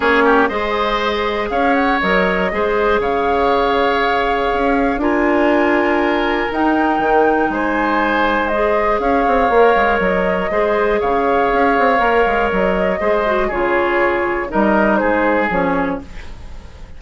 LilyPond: <<
  \new Staff \with { instrumentName = "flute" } { \time 4/4 \tempo 4 = 120 cis''4 dis''2 f''8 fis''8 | dis''2 f''2~ | f''2 gis''2~ | gis''4 g''2 gis''4~ |
gis''4 dis''4 f''2 | dis''2 f''2~ | f''4 dis''2 cis''4~ | cis''4 dis''4 c''4 cis''4 | }
  \new Staff \with { instrumentName = "oboe" } { \time 4/4 gis'8 g'8 c''2 cis''4~ | cis''4 c''4 cis''2~ | cis''2 ais'2~ | ais'2. c''4~ |
c''2 cis''2~ | cis''4 c''4 cis''2~ | cis''2 c''4 gis'4~ | gis'4 ais'4 gis'2 | }
  \new Staff \with { instrumentName = "clarinet" } { \time 4/4 cis'4 gis'2. | ais'4 gis'2.~ | gis'2 f'2~ | f'4 dis'2.~ |
dis'4 gis'2 ais'4~ | ais'4 gis'2. | ais'2 gis'8 fis'8 f'4~ | f'4 dis'2 cis'4 | }
  \new Staff \with { instrumentName = "bassoon" } { \time 4/4 ais4 gis2 cis'4 | fis4 gis4 cis2~ | cis4 cis'4 d'2~ | d'4 dis'4 dis4 gis4~ |
gis2 cis'8 c'8 ais8 gis8 | fis4 gis4 cis4 cis'8 c'8 | ais8 gis8 fis4 gis4 cis4~ | cis4 g4 gis4 f4 | }
>>